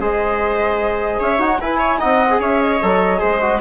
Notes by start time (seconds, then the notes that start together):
0.00 G#3 G#4 C5 D#5
1.20 C#4 C#5 E5
1.38 D#4 F#4 F#5
1.60 E4 B4 G#5
1.79 C#5
1.98 C4 D#4 D#5 F#5
2.30 G#4
2.40 C#4 C#5 E5
2.61 D#5
2.82 F#3 A4
3.18 G#3 G#4 C5
3.41 F#4